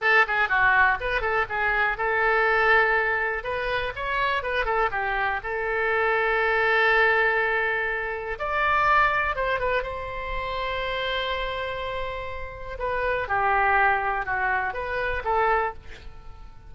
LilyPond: \new Staff \with { instrumentName = "oboe" } { \time 4/4 \tempo 4 = 122 a'8 gis'8 fis'4 b'8 a'8 gis'4 | a'2. b'4 | cis''4 b'8 a'8 g'4 a'4~ | a'1~ |
a'4 d''2 c''8 b'8 | c''1~ | c''2 b'4 g'4~ | g'4 fis'4 b'4 a'4 | }